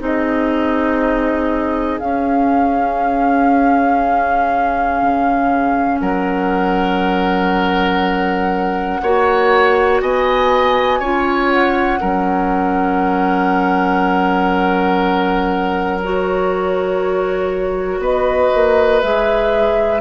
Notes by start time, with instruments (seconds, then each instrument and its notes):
0.00 bassoon C4, clarinet D#4, oboe G#4, flute D#5
1.99 clarinet C#4, bassoon C#4, flute F5
5.02 bassoon C#3
6.00 bassoon F#3, oboe A#4, flute F#5
9.02 bassoon A#3, clarinet F#4, oboe C#5
10.01 bassoon B3, oboe D#5, flute G#5
11.00 bassoon C#4, clarinet F4, oboe C#5
11.50 flute F#5
12.00 bassoon F#3, clarinet C#4, oboe A#4
16.02 clarinet F#4, flute C#5
17.99 bassoon B3, oboe B4, flute D#5
18.54 bassoon A#3
19.00 bassoon G#3, clarinet G#4, flute E5